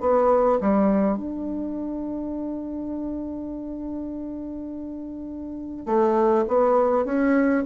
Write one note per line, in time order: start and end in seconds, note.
0.00 0.59 B3
0.60 1.17 G3
1.17 5.86 D4
5.86 6.44 A3
6.47 7.05 B3
7.05 7.64 C#4